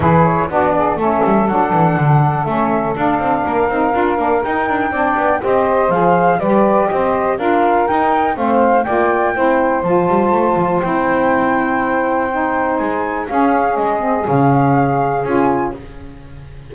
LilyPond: <<
  \new Staff \with { instrumentName = "flute" } { \time 4/4 \tempo 4 = 122 b'8 cis''8 d''4 e''4 fis''4~ | fis''4 e''4 f''2~ | f''4 g''2 dis''4 | f''4 d''4 dis''4 f''4 |
g''4 f''4 g''2 | a''2 g''2~ | g''2 gis''4 f''4 | dis''4 f''2 gis''4 | }
  \new Staff \with { instrumentName = "saxophone" } { \time 4/4 gis'4 fis'8 gis'8 a'2~ | a'2. ais'4~ | ais'2 d''4 c''4~ | c''4 b'4 c''4 ais'4~ |
ais'4 c''4 d''4 c''4~ | c''1~ | c''2. gis'4~ | gis'1 | }
  \new Staff \with { instrumentName = "saxophone" } { \time 4/4 e'4 d'4 cis'4 d'4~ | d'4 cis'4 d'4. dis'8 | f'8 d'8 dis'4 d'4 g'4 | gis'4 g'2 f'4 |
dis'4 c'4 f'4 e'4 | f'2 e'2~ | e'4 dis'2 cis'4~ | cis'8 c'8 cis'2 f'4 | }
  \new Staff \with { instrumentName = "double bass" } { \time 4/4 e4 b4 a8 g8 fis8 e8 | d4 a4 d'8 c'8 ais8 c'8 | d'8 ais8 dis'8 d'8 c'8 b8 c'4 | f4 g4 c'4 d'4 |
dis'4 a4 ais4 c'4 | f8 g8 a8 f8 c'2~ | c'2 gis4 cis'4 | gis4 cis2 cis'4 | }
>>